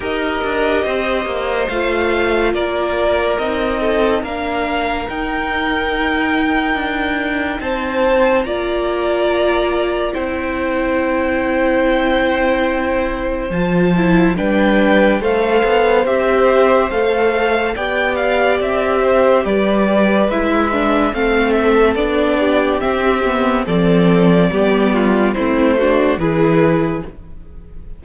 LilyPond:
<<
  \new Staff \with { instrumentName = "violin" } { \time 4/4 \tempo 4 = 71 dis''2 f''4 d''4 | dis''4 f''4 g''2~ | g''4 a''4 ais''2 | g''1 |
a''4 g''4 f''4 e''4 | f''4 g''8 f''8 e''4 d''4 | e''4 f''8 e''8 d''4 e''4 | d''2 c''4 b'4 | }
  \new Staff \with { instrumentName = "violin" } { \time 4/4 ais'4 c''2 ais'4~ | ais'8 a'8 ais'2.~ | ais'4 c''4 d''2 | c''1~ |
c''4 b'4 c''2~ | c''4 d''4. c''8 b'4~ | b'4 a'4. g'4. | a'4 g'8 f'8 e'8 fis'8 gis'4 | }
  \new Staff \with { instrumentName = "viola" } { \time 4/4 g'2 f'2 | dis'4 d'4 dis'2~ | dis'2 f'2 | e'1 |
f'8 e'8 d'4 a'4 g'4 | a'4 g'2. | e'8 d'8 c'4 d'4 c'8 b8 | c'4 b4 c'8 d'8 e'4 | }
  \new Staff \with { instrumentName = "cello" } { \time 4/4 dis'8 d'8 c'8 ais8 a4 ais4 | c'4 ais4 dis'2 | d'4 c'4 ais2 | c'1 |
f4 g4 a8 b8 c'4 | a4 b4 c'4 g4 | gis4 a4 b4 c'4 | f4 g4 a4 e4 | }
>>